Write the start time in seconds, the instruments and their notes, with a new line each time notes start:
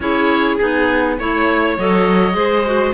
0.00 cello C#4, clarinet E4, violin G#4, oboe C#5
0.56 cello B3, clarinet D#4, oboe G#4
1.19 cello A3, clarinet E4, oboe C#5, violin C#5
1.78 cello F#3, clarinet A4, oboe D#5
2.33 cello G#3, clarinet G#4, violin C5
2.65 clarinet F#4